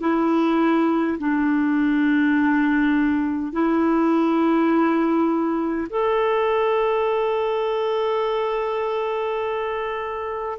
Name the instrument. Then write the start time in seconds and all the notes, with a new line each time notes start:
clarinet
0.00 E4
1.19 D4
3.52 E4
5.90 A4